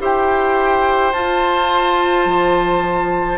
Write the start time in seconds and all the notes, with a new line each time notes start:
0.00 E4 G4 C5 G5
1.13 F4 A5
2.26 F3